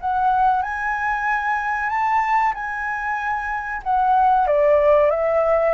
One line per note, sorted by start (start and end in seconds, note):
0.00 0.62 F#5
0.62 1.89 G#5
1.89 2.53 A5
2.54 3.82 G#5
3.83 4.47 F#5
4.47 5.10 D5
5.10 5.74 E5